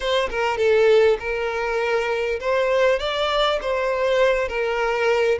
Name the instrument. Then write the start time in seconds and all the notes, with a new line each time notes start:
violin
0.00 C5
0.29 A#4
0.57 A4
1.19 A#4
2.39 C5
2.99 D5
3.61 C5
4.48 A#4